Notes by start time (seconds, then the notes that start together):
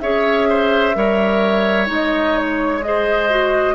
0.00 C#4 G#4 C#5 E5
0.49 C5
0.94 G3 A#4 C#5
1.86 G#3 D#4 D#5
2.38 C#5
2.83 G#4 C5 D#5
3.29 F#4